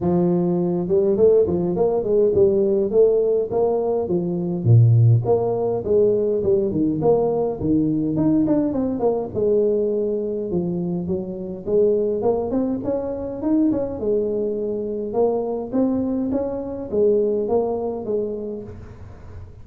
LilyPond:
\new Staff \with { instrumentName = "tuba" } { \time 4/4 \tempo 4 = 103 f4. g8 a8 f8 ais8 gis8 | g4 a4 ais4 f4 | ais,4 ais4 gis4 g8 dis8 | ais4 dis4 dis'8 d'8 c'8 ais8 |
gis2 f4 fis4 | gis4 ais8 c'8 cis'4 dis'8 cis'8 | gis2 ais4 c'4 | cis'4 gis4 ais4 gis4 | }